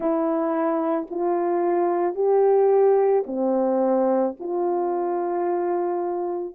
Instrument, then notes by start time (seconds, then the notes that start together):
horn
0.00 E4
1.10 F4
2.15 G4
3.26 C4
4.39 F4